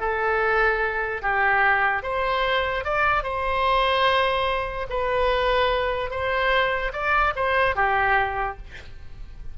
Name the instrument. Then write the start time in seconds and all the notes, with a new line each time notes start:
oboe
0.00 A4
1.22 G4
2.02 C5
2.84 D5
3.23 C5
4.89 B4
6.10 C5
6.93 D5
7.35 C5
7.75 G4